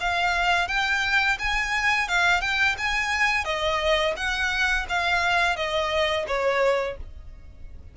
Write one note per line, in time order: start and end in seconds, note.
0.00 0.68 F5
0.68 1.38 G5
1.39 2.08 G#5
2.08 2.41 F5
2.41 2.76 G5
2.78 3.44 G#5
3.44 4.14 D#5
4.16 4.86 F#5
4.89 5.56 F5
5.56 6.26 D#5
6.27 6.97 C#5